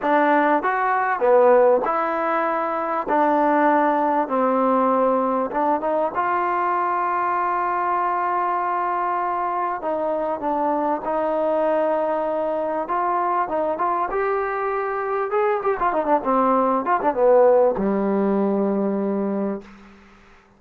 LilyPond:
\new Staff \with { instrumentName = "trombone" } { \time 4/4 \tempo 4 = 98 d'4 fis'4 b4 e'4~ | e'4 d'2 c'4~ | c'4 d'8 dis'8 f'2~ | f'1 |
dis'4 d'4 dis'2~ | dis'4 f'4 dis'8 f'8 g'4~ | g'4 gis'8 g'16 f'16 dis'16 d'16 c'4 f'16 d'16 | b4 g2. | }